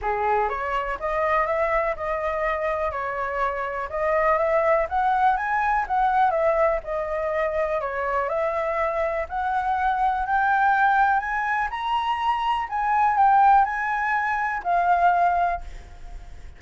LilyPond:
\new Staff \with { instrumentName = "flute" } { \time 4/4 \tempo 4 = 123 gis'4 cis''4 dis''4 e''4 | dis''2 cis''2 | dis''4 e''4 fis''4 gis''4 | fis''4 e''4 dis''2 |
cis''4 e''2 fis''4~ | fis''4 g''2 gis''4 | ais''2 gis''4 g''4 | gis''2 f''2 | }